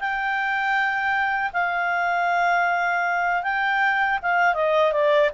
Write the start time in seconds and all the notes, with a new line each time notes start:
0.00 G5
1.53 F5
3.43 G5
4.23 F5
4.55 D#5
4.93 D5